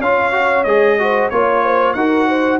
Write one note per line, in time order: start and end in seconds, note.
0.00 0.65 C#4
0.00 0.32 F4
0.00 0.98 C#5
0.00 0.64 F5
0.32 0.65 F#4
0.64 1.30 G#3
0.64 0.99 G#4
0.64 1.29 D#5
0.99 1.32 F#4
0.99 1.32 C5
1.30 1.95 A#3
1.30 1.97 F4
1.30 1.94 C#5
1.30 1.64 C#5
1.64 1.96 C5
1.94 2.60 D#4
1.94 2.60 F#4
1.94 2.28 A#4
1.94 2.59 F#5
2.28 2.60 C5